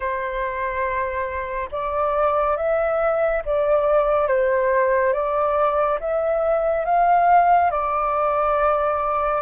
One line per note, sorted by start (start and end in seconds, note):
0.00 1.69 C5
1.71 2.56 D5
2.56 3.42 E5
3.45 4.27 D5
4.27 5.13 C5
5.13 5.98 D5
6.00 6.85 E5
6.85 7.70 F5
7.70 9.42 D5